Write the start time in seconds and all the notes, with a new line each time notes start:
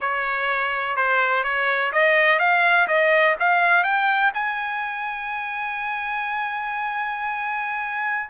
0.00 C#5
0.96 C5
1.43 C#5
1.92 D#5
2.39 F5
2.87 D#5
3.39 F5
3.83 G5
4.34 G#5